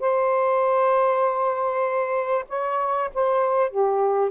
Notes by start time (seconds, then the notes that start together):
0.00 C5
2.49 C#5
3.14 C5
3.70 G4